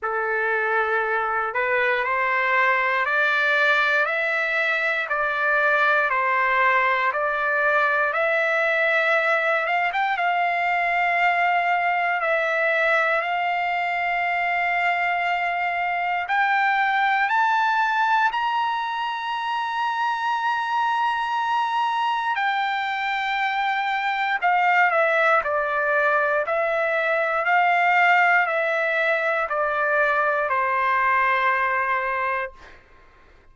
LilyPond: \new Staff \with { instrumentName = "trumpet" } { \time 4/4 \tempo 4 = 59 a'4. b'8 c''4 d''4 | e''4 d''4 c''4 d''4 | e''4. f''16 g''16 f''2 | e''4 f''2. |
g''4 a''4 ais''2~ | ais''2 g''2 | f''8 e''8 d''4 e''4 f''4 | e''4 d''4 c''2 | }